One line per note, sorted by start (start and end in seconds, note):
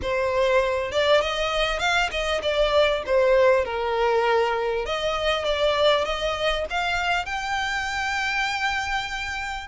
0.02 0.91 C5
0.91 1.21 D5
1.21 1.79 D#5
1.79 2.09 F5
2.10 2.41 D#5
2.42 3.03 D5
3.06 3.64 C5
3.64 4.85 A#4
4.85 5.44 D#5
5.44 6.04 D5
6.04 6.65 D#5
6.70 7.25 F5
7.25 9.67 G5